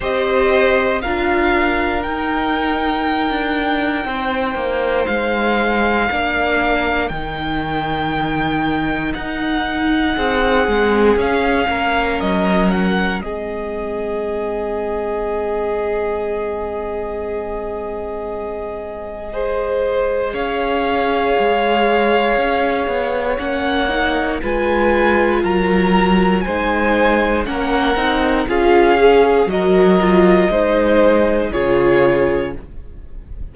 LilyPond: <<
  \new Staff \with { instrumentName = "violin" } { \time 4/4 \tempo 4 = 59 dis''4 f''4 g''2~ | g''4 f''2 g''4~ | g''4 fis''2 f''4 | dis''8 fis''8 dis''2.~ |
dis''1 | f''2. fis''4 | gis''4 ais''4 gis''4 fis''4 | f''4 dis''2 cis''4 | }
  \new Staff \with { instrumentName = "violin" } { \time 4/4 c''4 ais'2. | c''2 ais'2~ | ais'2 gis'4. ais'8~ | ais'4 gis'2.~ |
gis'2. c''4 | cis''1 | b'4 ais'4 c''4 ais'4 | gis'4 ais'4 c''4 gis'4 | }
  \new Staff \with { instrumentName = "viola" } { \time 4/4 g'4 f'4 dis'2~ | dis'2 d'4 dis'4~ | dis'2~ dis'8 c'8 cis'4~ | cis'4 c'2.~ |
c'2. gis'4~ | gis'2. cis'8 dis'8 | f'2 dis'4 cis'8 dis'8 | f'8 gis'8 fis'8 f'8 dis'4 f'4 | }
  \new Staff \with { instrumentName = "cello" } { \time 4/4 c'4 d'4 dis'4~ dis'16 d'8. | c'8 ais8 gis4 ais4 dis4~ | dis4 dis'4 c'8 gis8 cis'8 ais8 | fis4 gis2.~ |
gis1 | cis'4 gis4 cis'8 b8 ais4 | gis4 fis4 gis4 ais8 c'8 | cis'4 fis4 gis4 cis4 | }
>>